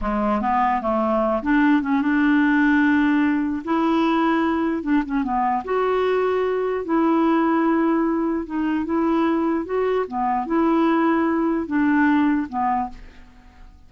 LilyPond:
\new Staff \with { instrumentName = "clarinet" } { \time 4/4 \tempo 4 = 149 gis4 b4 a4. d'8~ | d'8 cis'8 d'2.~ | d'4 e'2. | d'8 cis'8 b4 fis'2~ |
fis'4 e'2.~ | e'4 dis'4 e'2 | fis'4 b4 e'2~ | e'4 d'2 b4 | }